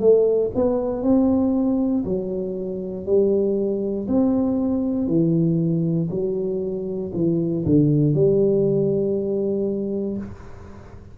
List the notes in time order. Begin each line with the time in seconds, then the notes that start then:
0.00 A3
0.55 B3
1.03 C4
2.05 F#3
3.06 G3
4.08 C4
5.08 E3
6.11 F#3
7.14 E3
7.65 D3
8.14 G3